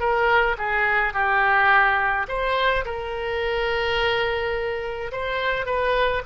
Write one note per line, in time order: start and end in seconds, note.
0.00 0.57 A#4
0.58 1.14 G#4
1.14 2.27 G4
2.28 2.85 C5
2.85 5.11 A#4
5.12 5.66 C5
5.66 6.23 B4